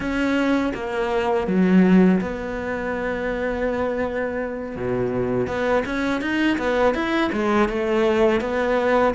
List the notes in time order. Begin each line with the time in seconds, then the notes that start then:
0.00 C#4
0.74 A#3
1.47 F#3
2.21 B3
4.76 B2
5.47 B3
5.85 C#4
6.21 D#4
6.58 B3
6.94 E4
7.32 G#3
7.69 A3
8.40 B3